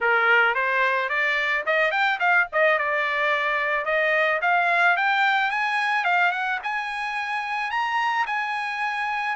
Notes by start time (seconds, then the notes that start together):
0.00 A#4
0.54 C5
1.09 D5
1.66 D#5
1.91 G5
2.19 F5
2.52 D#5
2.78 D5
3.85 D#5
4.41 F5
4.96 G5
5.50 G#5
6.04 F5
6.31 F#5
6.63 G#5
7.70 A#5
8.26 G#5